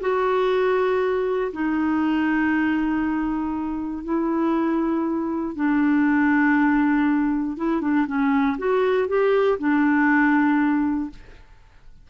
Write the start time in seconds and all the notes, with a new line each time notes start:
0.00 F#4
1.52 D#4
4.04 E4
5.55 D4
7.57 E4
7.81 D4
8.06 C#4
8.58 F#4
9.08 G4
9.58 D4